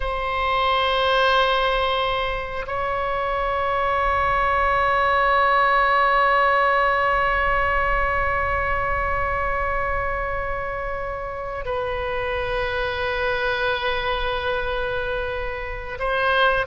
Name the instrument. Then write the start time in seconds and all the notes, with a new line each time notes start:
oboe
0.00 C5
2.66 C#5
11.65 B4
15.99 C5